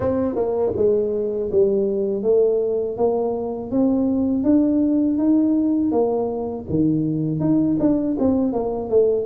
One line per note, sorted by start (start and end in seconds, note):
0.00 0.35 C4
0.35 0.72 A#3
0.76 1.50 G#3
1.51 2.23 G3
2.23 2.97 A3
2.97 3.71 A#3
3.71 4.43 C4
4.43 5.18 D4
5.18 5.91 D#4
5.91 6.65 A#3
6.69 7.40 D#3
7.40 7.77 D#4
7.79 8.16 D4
8.19 8.52 C4
8.52 8.89 A#3
8.89 9.26 A3